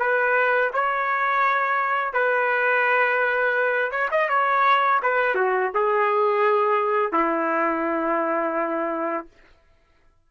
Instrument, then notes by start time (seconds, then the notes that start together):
trumpet
0.00 B4
0.73 C#5
2.14 B4
3.92 C#5
4.12 D#5
4.29 C#5
5.03 B4
5.35 F#4
5.75 G#4
7.13 E4